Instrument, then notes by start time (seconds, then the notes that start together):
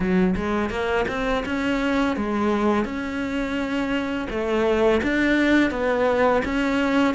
cello
0.00 F#3
0.36 G#3
0.69 A#3
1.08 C4
1.45 C#4
2.16 G#3
2.84 C#4
4.30 A3
5.02 D4
5.70 B3
6.44 C#4